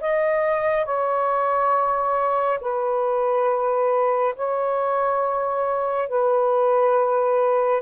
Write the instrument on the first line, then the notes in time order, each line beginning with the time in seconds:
saxophone
0.00 D#5
0.85 C#5
2.60 B4
4.36 C#5
6.09 B4